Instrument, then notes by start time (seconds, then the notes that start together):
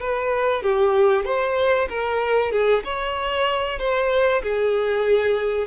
violin
0.00 B4
0.62 G4
1.25 C5
1.89 A#4
2.51 G#4
2.84 C#5
3.79 C5
4.42 G#4